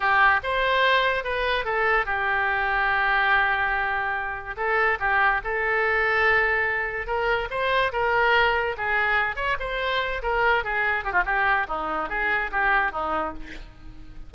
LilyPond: \new Staff \with { instrumentName = "oboe" } { \time 4/4 \tempo 4 = 144 g'4 c''2 b'4 | a'4 g'2.~ | g'2. a'4 | g'4 a'2.~ |
a'4 ais'4 c''4 ais'4~ | ais'4 gis'4. cis''8 c''4~ | c''8 ais'4 gis'4 g'16 f'16 g'4 | dis'4 gis'4 g'4 dis'4 | }